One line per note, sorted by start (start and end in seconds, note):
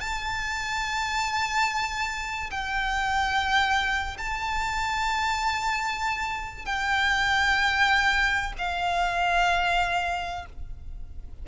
0.00 2.50 A5
2.50 4.17 G5
4.18 6.65 A5
6.65 8.53 G5
8.58 10.45 F5